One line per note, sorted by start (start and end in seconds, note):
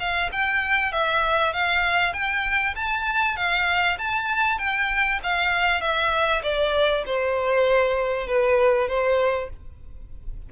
0.00 0.31 F5
0.32 0.93 G5
0.93 1.54 E5
1.54 2.14 F5
2.14 2.75 G5
2.76 3.37 A5
3.37 3.98 F5
3.99 4.59 A5
4.59 5.20 G5
5.24 5.81 F5
5.81 6.43 E5
6.43 7.05 D5
7.07 8.28 C5
8.28 8.89 B4
8.89 9.50 C5